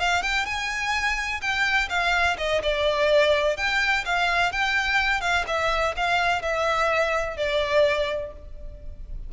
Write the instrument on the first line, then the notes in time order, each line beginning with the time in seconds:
violin
0.00 F5
0.23 G5
0.46 G#5
1.41 G5
1.89 F5
2.38 D#5
2.63 D5
3.57 G5
4.05 F5
4.52 G5
5.21 F5
5.47 E5
5.97 F5
6.42 E5
7.37 D5